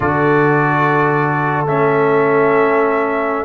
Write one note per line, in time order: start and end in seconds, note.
0.00 1.65 D3
0.00 1.66 F#4
0.00 3.45 A4
0.00 1.66 D5
1.65 3.45 A3
1.65 3.45 C#4
1.65 3.45 E5